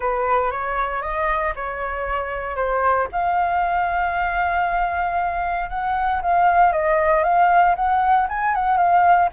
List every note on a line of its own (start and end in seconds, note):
0.00 0.51 B4
0.51 1.02 C#5
1.02 1.53 D#5
1.55 2.56 C#5
2.56 3.07 C5
3.12 5.69 F5
5.69 6.21 F#5
6.22 6.72 F5
6.72 7.23 D#5
7.23 7.75 F5
7.75 8.27 F#5
8.28 8.54 G#5
8.55 8.77 F#5
8.77 9.29 F5